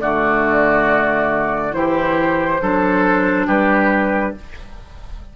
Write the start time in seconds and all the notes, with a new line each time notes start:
0.00 D3 A3 F#4 D5
1.72 E3 E4 G4 C5
2.62 F#3 D4 A4
3.47 G3 G4 B4